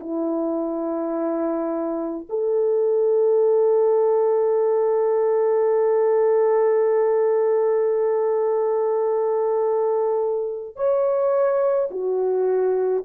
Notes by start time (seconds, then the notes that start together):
0.00 E4
2.29 A4
10.76 C#5
11.91 F#4